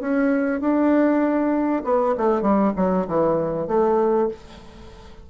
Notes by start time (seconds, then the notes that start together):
0.00 C#4
0.60 D4
1.84 B3
2.17 A3
2.42 G3
2.76 F#3
3.07 E3
3.67 A3